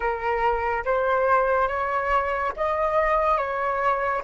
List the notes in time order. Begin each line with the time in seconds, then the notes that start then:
0.00 A#4
0.85 C5
1.67 C#5
2.56 D#5
3.37 C#5